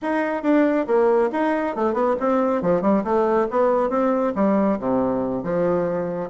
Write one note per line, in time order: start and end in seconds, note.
0.02 0.42 D#4
0.42 0.86 D4
0.86 1.30 A#3
1.32 1.75 D#4
1.75 1.93 A3
1.93 2.15 B3
2.20 2.62 C4
2.62 2.81 F3
2.81 3.03 G3
3.04 3.47 A3
3.50 3.89 B3
3.89 4.33 C4
4.35 4.78 G3
4.79 5.43 C3
5.43 6.30 F3